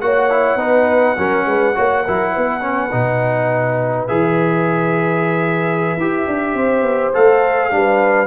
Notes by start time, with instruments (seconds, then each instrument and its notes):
0.00 tuba A#3, trombone F#4, horn C#5, trumpet F#5
0.30 trombone E4
0.56 tuba B3, trombone D#4, horn B4
1.18 tuba F#3, trombone C#4, horn A#4
1.46 tuba G#3, horn B4
1.75 tuba A#3, trombone F#4, horn C#5
2.04 tuba F#3, trombone E4, horn A#4
2.33 tuba B3, horn B4
2.61 trombone C#4
2.92 tuba B2, trombone D#4
4.08 tuba E3, trombone G#4, trumpet E5
5.97 tuba E4, trombone G4
6.27 tuba D4
6.54 tuba C4, horn C5
6.82 tuba B3
7.13 tuba A3, trombone A4, trumpet F5
7.71 tuba G3, trombone D4, horn B4